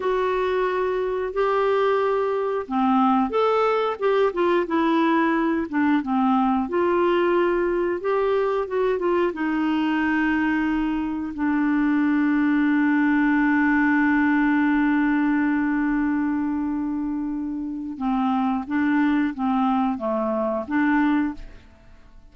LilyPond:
\new Staff \with { instrumentName = "clarinet" } { \time 4/4 \tempo 4 = 90 fis'2 g'2 | c'4 a'4 g'8 f'8 e'4~ | e'8 d'8 c'4 f'2 | g'4 fis'8 f'8 dis'2~ |
dis'4 d'2.~ | d'1~ | d'2. c'4 | d'4 c'4 a4 d'4 | }